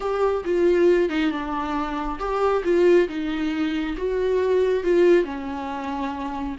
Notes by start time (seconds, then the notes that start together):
0.00 G4
0.44 F4
1.09 D#4
1.31 D4
2.19 G4
2.64 F4
3.08 D#4
3.97 F#4
4.83 F4
5.24 C#4